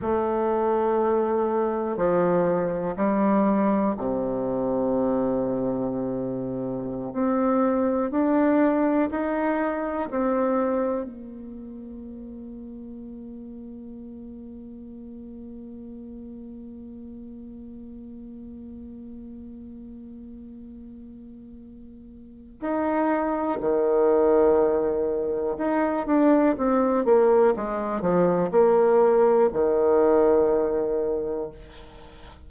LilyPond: \new Staff \with { instrumentName = "bassoon" } { \time 4/4 \tempo 4 = 61 a2 f4 g4 | c2.~ c16 c'8.~ | c'16 d'4 dis'4 c'4 ais8.~ | ais1~ |
ais1~ | ais2. dis'4 | dis2 dis'8 d'8 c'8 ais8 | gis8 f8 ais4 dis2 | }